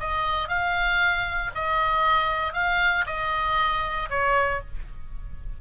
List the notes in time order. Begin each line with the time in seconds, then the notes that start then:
0.00 D#5
0.49 F5
1.55 D#5
2.54 F5
3.07 D#5
4.10 C#5